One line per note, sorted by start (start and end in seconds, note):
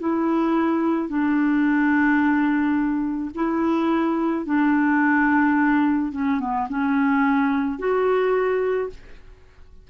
0.00 1.09 E4
1.09 3.31 D4
3.35 4.46 E4
4.46 6.13 D4
6.13 6.40 C#4
6.40 6.68 B3
6.70 7.79 C#4
7.79 8.90 F#4